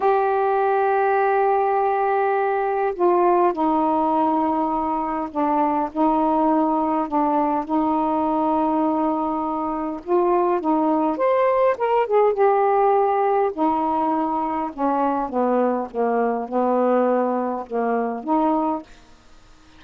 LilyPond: \new Staff \with { instrumentName = "saxophone" } { \time 4/4 \tempo 4 = 102 g'1~ | g'4 f'4 dis'2~ | dis'4 d'4 dis'2 | d'4 dis'2.~ |
dis'4 f'4 dis'4 c''4 | ais'8 gis'8 g'2 dis'4~ | dis'4 cis'4 b4 ais4 | b2 ais4 dis'4 | }